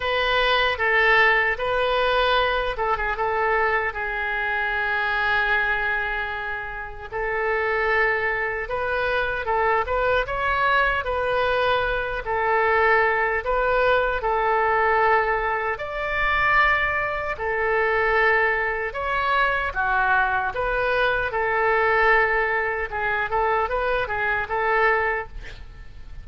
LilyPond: \new Staff \with { instrumentName = "oboe" } { \time 4/4 \tempo 4 = 76 b'4 a'4 b'4. a'16 gis'16 | a'4 gis'2.~ | gis'4 a'2 b'4 | a'8 b'8 cis''4 b'4. a'8~ |
a'4 b'4 a'2 | d''2 a'2 | cis''4 fis'4 b'4 a'4~ | a'4 gis'8 a'8 b'8 gis'8 a'4 | }